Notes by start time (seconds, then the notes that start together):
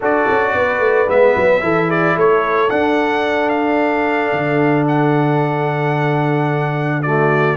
0.00 D4 F#4 A4 D5
0.30 C#4
0.54 B3 B4
0.79 A3
1.07 G#3 B3 E5
1.35 F#3
1.61 E3 E4 A4
1.87 G#4 D5
2.15 A3 A4 C#5
2.70 D4 F#5
3.49 F5
4.32 D3
4.88 F#5
7.02 A3 F#4 D5